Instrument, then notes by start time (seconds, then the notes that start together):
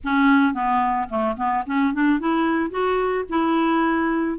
clarinet
0.04 C#4
0.54 B3
1.09 A3
1.36 B3
1.66 C#4
1.93 D4
2.19 E4
2.70 F#4
3.29 E4